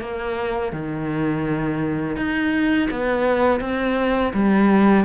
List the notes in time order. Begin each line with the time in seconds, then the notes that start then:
0.00 A#3
0.72 D#3
2.16 D#4
2.90 B3
3.60 C4
4.33 G3